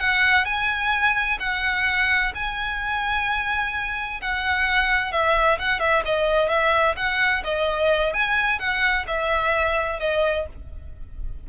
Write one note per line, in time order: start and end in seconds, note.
0.00 0.45 F#5
0.45 1.38 G#5
1.40 2.33 F#5
2.35 4.21 G#5
4.21 5.12 F#5
5.12 5.59 E5
5.59 5.79 F#5
5.79 6.03 E5
6.05 6.49 D#5
6.49 6.95 E5
6.97 7.43 F#5
7.44 8.13 D#5
8.13 8.59 G#5
8.59 9.05 F#5
9.07 10.00 E5
10.00 10.46 D#5